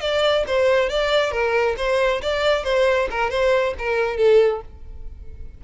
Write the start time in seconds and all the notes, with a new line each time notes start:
0.00 D5
0.47 C5
0.90 D5
1.32 A#4
1.77 C5
2.22 D5
2.64 C5
3.11 A#4
3.30 C5
3.79 A#4
4.17 A4